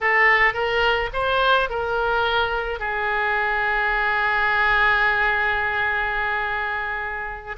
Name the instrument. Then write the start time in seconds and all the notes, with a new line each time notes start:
oboe
0.00 A4
0.53 A#4
1.13 C5
1.69 A#4
2.79 G#4